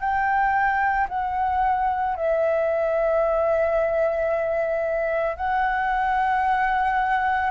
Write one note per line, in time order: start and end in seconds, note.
0.00 1.07 G5
1.09 2.16 F#5
2.16 5.36 E5
5.36 7.50 F#5